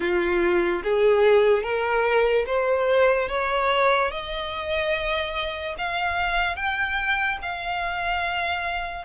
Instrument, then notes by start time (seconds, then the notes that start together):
violin
0.00 F4
0.83 G#4
1.63 A#4
2.46 C5
3.28 C#5
4.11 D#5
5.78 F5
6.55 G5
7.42 F5